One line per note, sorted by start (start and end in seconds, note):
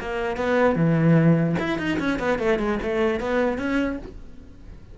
0.00 0.36 A#3
0.36 0.75 B3
0.75 1.55 E3
1.59 1.78 E4
1.78 1.98 D#4
1.99 2.19 C#4
2.19 2.39 B3
2.39 2.58 A3
2.58 2.78 G#3
2.82 3.20 A3
3.20 3.58 B3
3.58 3.98 C#4